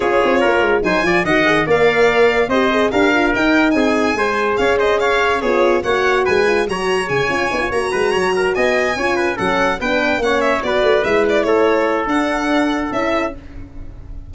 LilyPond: <<
  \new Staff \with { instrumentName = "violin" } { \time 4/4 \tempo 4 = 144 cis''2 gis''4 fis''4 | f''2 dis''4 f''4 | g''4 gis''2 f''8 dis''8 | f''4 cis''4 fis''4 gis''4 |
ais''4 gis''4. ais''4.~ | ais''8 gis''2 fis''4 g''8~ | g''8 fis''8 e''8 d''4 e''8 d''8 cis''8~ | cis''4 fis''2 e''4 | }
  \new Staff \with { instrumentName = "trumpet" } { \time 4/4 gis'4 ais'4 c''8 d''8 dis''4 | d''2 c''4 ais'4~ | ais'4 gis'4 c''4 cis''8 c''8 | cis''4 gis'4 cis''4 b'4 |
cis''2. b'8 cis''8 | ais'8 dis''4 cis''8 b'8 a'4 b'8~ | b'8 cis''4 b'2 a'8~ | a'1 | }
  \new Staff \with { instrumentName = "horn" } { \time 4/4 f'2 dis'8 f'8 fis'8 gis'8 | ais'2 g'8 gis'8 g'8 f'8 | dis'2 gis'2~ | gis'4 f'4 fis'4. f'8 |
fis'4 gis'8 f'8 dis'16 f'16 fis'4.~ | fis'4. f'4 cis'4 d'8~ | d'8 cis'4 fis'4 e'4.~ | e'4 d'2 e'4 | }
  \new Staff \with { instrumentName = "tuba" } { \time 4/4 cis'8 c'8 ais8 gis8 fis8 f8 dis4 | ais2 c'4 d'4 | dis'4 c'4 gis4 cis'4~ | cis'4 b4 ais4 gis4 |
fis4 cis8 cis'8 b8 ais8 gis8 fis8~ | fis8 b4 cis'4 fis4 b8~ | b8 ais4 b8 a8 gis4 a8~ | a4 d'2 cis'4 | }
>>